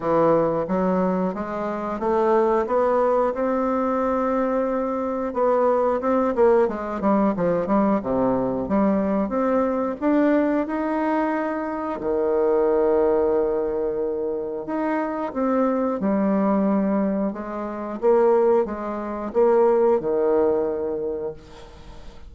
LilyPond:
\new Staff \with { instrumentName = "bassoon" } { \time 4/4 \tempo 4 = 90 e4 fis4 gis4 a4 | b4 c'2. | b4 c'8 ais8 gis8 g8 f8 g8 | c4 g4 c'4 d'4 |
dis'2 dis2~ | dis2 dis'4 c'4 | g2 gis4 ais4 | gis4 ais4 dis2 | }